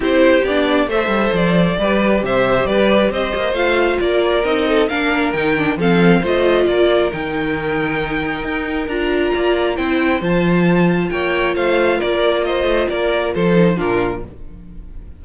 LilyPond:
<<
  \new Staff \with { instrumentName = "violin" } { \time 4/4 \tempo 4 = 135 c''4 d''4 e''4 d''4~ | d''4 e''4 d''4 dis''4 | f''4 d''4 dis''4 f''4 | g''4 f''4 dis''4 d''4 |
g''1 | ais''2 g''4 a''4~ | a''4 g''4 f''4 d''4 | dis''4 d''4 c''4 ais'4 | }
  \new Staff \with { instrumentName = "violin" } { \time 4/4 g'2 c''2 | b'4 c''4 b'4 c''4~ | c''4 ais'4. a'8 ais'4~ | ais'4 a'4 c''4 ais'4~ |
ais'1~ | ais'4 d''4 c''2~ | c''4 cis''4 c''4 ais'4 | c''4 ais'4 a'4 f'4 | }
  \new Staff \with { instrumentName = "viola" } { \time 4/4 e'4 d'4 a'2 | g'1 | f'2 dis'4 d'4 | dis'8 d'8 c'4 f'2 |
dis'1 | f'2 e'4 f'4~ | f'1~ | f'2~ f'8 dis'8 d'4 | }
  \new Staff \with { instrumentName = "cello" } { \time 4/4 c'4 b4 a8 g8 f4 | g4 c4 g4 c'8 ais8 | a4 ais4 c'4 ais4 | dis4 f4 a4 ais4 |
dis2. dis'4 | d'4 ais4 c'4 f4~ | f4 ais4 a4 ais4~ | ais8 a8 ais4 f4 ais,4 | }
>>